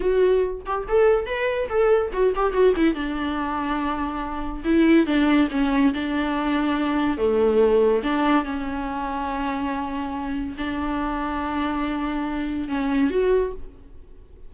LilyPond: \new Staff \with { instrumentName = "viola" } { \time 4/4 \tempo 4 = 142 fis'4. g'8 a'4 b'4 | a'4 fis'8 g'8 fis'8 e'8 d'4~ | d'2. e'4 | d'4 cis'4 d'2~ |
d'4 a2 d'4 | cis'1~ | cis'4 d'2.~ | d'2 cis'4 fis'4 | }